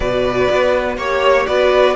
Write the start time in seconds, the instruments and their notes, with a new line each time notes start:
0.00 cello B2, viola F#4, violin B4 D5
0.50 cello B3
0.97 cello A#3, viola G4, violin C#5
1.46 cello B3, viola F#4, violin B4 D5